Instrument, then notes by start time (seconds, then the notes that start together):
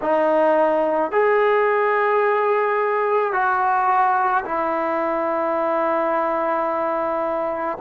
trombone
0.01 D#4
1.11 G#4
3.32 F#4
4.44 E4